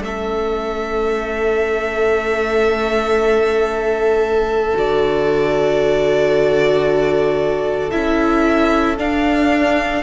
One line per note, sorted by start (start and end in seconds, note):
0.00 4.74 A3
0.00 4.74 C#4
0.00 10.02 A4
0.00 4.78 E5
4.74 7.93 D3
4.74 7.90 F#4
4.74 7.90 D5
7.90 8.99 C#4
7.90 8.97 E4
7.90 8.96 E5
8.97 10.02 D4
8.97 10.02 F5